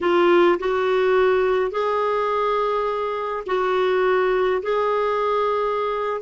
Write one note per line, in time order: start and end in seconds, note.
0.00 0.58 F4
0.59 1.71 F#4
1.71 3.44 G#4
3.46 4.62 F#4
4.62 6.21 G#4